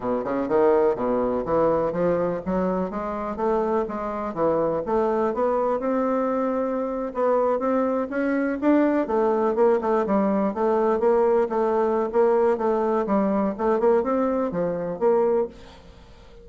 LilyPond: \new Staff \with { instrumentName = "bassoon" } { \time 4/4 \tempo 4 = 124 b,8 cis8 dis4 b,4 e4 | f4 fis4 gis4 a4 | gis4 e4 a4 b4 | c'2~ c'8. b4 c'16~ |
c'8. cis'4 d'4 a4 ais16~ | ais16 a8 g4 a4 ais4 a16~ | a4 ais4 a4 g4 | a8 ais8 c'4 f4 ais4 | }